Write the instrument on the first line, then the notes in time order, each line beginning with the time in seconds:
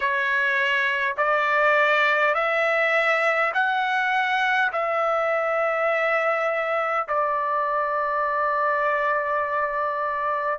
trumpet
0.00 C#5
1.17 D5
2.34 E5
3.53 F#5
4.72 E5
7.07 D5